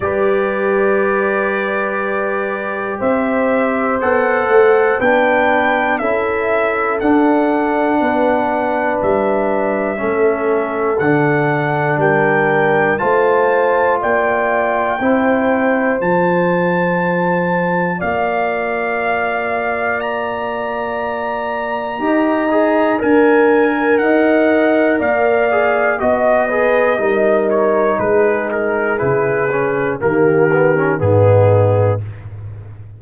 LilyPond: <<
  \new Staff \with { instrumentName = "trumpet" } { \time 4/4 \tempo 4 = 60 d''2. e''4 | fis''4 g''4 e''4 fis''4~ | fis''4 e''2 fis''4 | g''4 a''4 g''2 |
a''2 f''2 | ais''2. gis''4 | fis''4 f''4 dis''4. cis''8 | b'8 ais'8 b'4 ais'4 gis'4 | }
  \new Staff \with { instrumentName = "horn" } { \time 4/4 b'2. c''4~ | c''4 b'4 a'2 | b'2 a'2 | ais'4 c''4 d''4 c''4~ |
c''2 d''2~ | d''2 dis''4 ais'4 | dis''4 d''4 dis''8 b'8 ais'4 | gis'2 g'4 dis'4 | }
  \new Staff \with { instrumentName = "trombone" } { \time 4/4 g'1 | a'4 d'4 e'4 d'4~ | d'2 cis'4 d'4~ | d'4 f'2 e'4 |
f'1~ | f'2 g'8 gis'8 ais'4~ | ais'4. gis'8 fis'8 gis'8 dis'4~ | dis'4 e'8 cis'8 ais8 b16 cis'16 b4 | }
  \new Staff \with { instrumentName = "tuba" } { \time 4/4 g2. c'4 | b8 a8 b4 cis'4 d'4 | b4 g4 a4 d4 | g4 a4 ais4 c'4 |
f2 ais2~ | ais2 dis'4 d'4 | dis'4 ais4 b4 g4 | gis4 cis4 dis4 gis,4 | }
>>